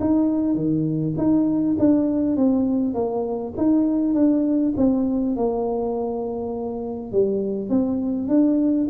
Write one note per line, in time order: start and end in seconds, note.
0.00 0.55 D#4
0.55 1.14 D#3
1.17 1.77 D#4
1.79 2.36 D4
2.36 2.94 C4
2.94 3.53 A#3
3.57 4.14 D#4
4.14 4.74 D4
4.77 5.36 C4
5.36 7.12 A#3
7.12 7.69 G3
7.69 8.28 C4
8.28 8.88 D4